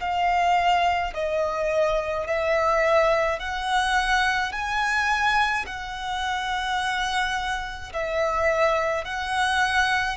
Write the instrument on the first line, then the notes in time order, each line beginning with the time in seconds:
violin
0.00 F5
1.13 D#5
2.26 E5
3.39 F#5
4.52 G#5
5.66 F#5
7.92 E5
9.04 F#5